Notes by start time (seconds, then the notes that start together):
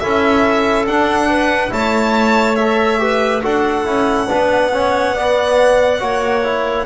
0.00 C#4 E4 A4 E5
0.86 D4 F#5
1.29 B4
1.70 A3 E4 C#5 A5
2.56 A4 E5
2.99 G4 B4
3.42 D4 F#4 A4 F#5
3.85 C#4 E4
4.28 B3 D4 B4
4.73 C#4 C#5
5.15 B3 D5
6.00 A#3 F#4 C#5
6.44 E4